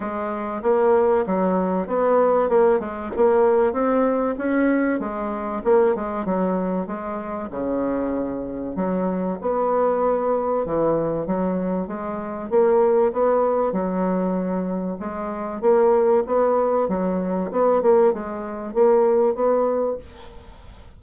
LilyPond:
\new Staff \with { instrumentName = "bassoon" } { \time 4/4 \tempo 4 = 96 gis4 ais4 fis4 b4 | ais8 gis8 ais4 c'4 cis'4 | gis4 ais8 gis8 fis4 gis4 | cis2 fis4 b4~ |
b4 e4 fis4 gis4 | ais4 b4 fis2 | gis4 ais4 b4 fis4 | b8 ais8 gis4 ais4 b4 | }